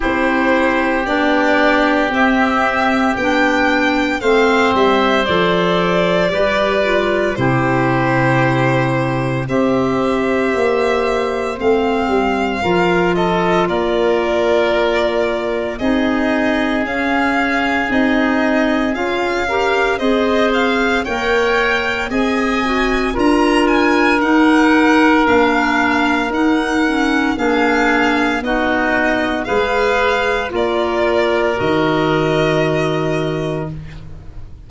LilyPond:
<<
  \new Staff \with { instrumentName = "violin" } { \time 4/4 \tempo 4 = 57 c''4 d''4 e''4 g''4 | f''8 e''8 d''2 c''4~ | c''4 e''2 f''4~ | f''8 dis''8 d''2 dis''4 |
f''4 dis''4 f''4 dis''8 f''8 | g''4 gis''4 ais''8 gis''8 fis''4 | f''4 fis''4 f''4 dis''4 | f''4 d''4 dis''2 | }
  \new Staff \with { instrumentName = "oboe" } { \time 4/4 g'1 | c''2 b'4 g'4~ | g'4 c''2. | ais'8 a'8 ais'2 gis'4~ |
gis'2~ gis'8 ais'8 c''4 | cis''4 dis''4 ais'2~ | ais'2 gis'4 fis'4 | b'4 ais'2. | }
  \new Staff \with { instrumentName = "clarinet" } { \time 4/4 e'4 d'4 c'4 d'4 | c'4 a'4 g'8 f'8 e'4~ | e'4 g'2 c'4 | f'2. dis'4 |
cis'4 dis'4 f'8 g'8 gis'4 | ais'4 gis'8 fis'8 f'4 dis'4 | d'4 dis'8 cis'8 d'4 dis'4 | gis'4 f'4 fis'2 | }
  \new Staff \with { instrumentName = "tuba" } { \time 4/4 c'4 b4 c'4 b4 | a8 g8 f4 g4 c4~ | c4 c'4 ais4 a8 g8 | f4 ais2 c'4 |
cis'4 c'4 cis'4 c'4 | ais4 c'4 d'4 dis'4 | ais4 dis'4 ais4 b4 | gis4 ais4 dis2 | }
>>